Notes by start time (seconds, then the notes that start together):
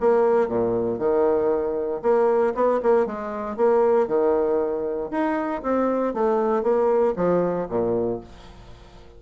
0.00 A#3
0.48 A#2
0.98 D#3
2.02 A#3
2.54 B3
2.83 A#3
3.06 G#3
3.56 A#3
4.07 D#3
5.11 D#4
5.62 C4
6.13 A3
6.63 A#3
7.16 F3
7.69 A#2